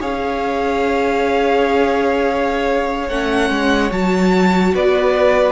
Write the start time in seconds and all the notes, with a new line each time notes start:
0.00 C#4 G#4 C#5 F5
3.08 A3 C#4 F#5
3.49 G#3
3.90 F#3 F#4 A5
4.74 B3 B4 D5